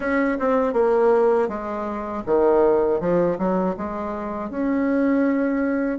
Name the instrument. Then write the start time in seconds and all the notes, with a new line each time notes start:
bassoon
0.00 C#4
0.39 C4
0.73 A#3
1.48 G#3
2.26 D#3
3.00 F3
3.38 F#3
3.77 G#3
4.50 C#4